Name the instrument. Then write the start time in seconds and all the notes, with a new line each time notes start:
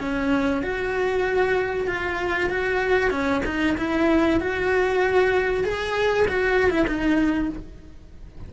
cello
0.00 C#4
0.62 F#4
1.87 F4
2.50 F#4
3.11 C#4
3.45 D#4
3.77 E4
4.40 F#4
5.64 G#4
6.28 F#4
6.70 E4
6.87 D#4